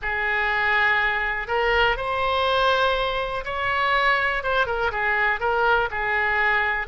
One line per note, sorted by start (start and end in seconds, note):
0.01 1.47 G#4
1.47 1.96 A#4
1.96 3.44 C5
3.44 4.43 C#5
4.43 4.66 C5
4.66 4.91 A#4
4.91 5.39 G#4
5.39 5.89 A#4
5.90 6.87 G#4